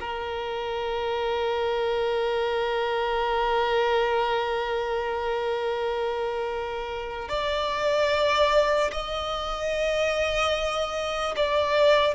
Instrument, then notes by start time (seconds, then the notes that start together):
violin
0.00 A#4
7.29 D5
8.92 D#5
11.36 D5